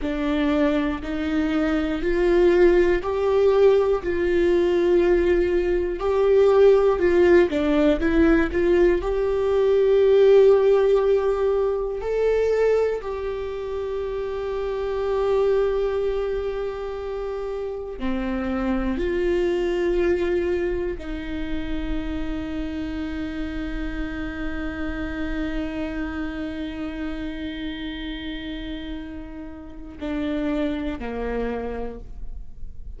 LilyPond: \new Staff \with { instrumentName = "viola" } { \time 4/4 \tempo 4 = 60 d'4 dis'4 f'4 g'4 | f'2 g'4 f'8 d'8 | e'8 f'8 g'2. | a'4 g'2.~ |
g'2 c'4 f'4~ | f'4 dis'2.~ | dis'1~ | dis'2 d'4 ais4 | }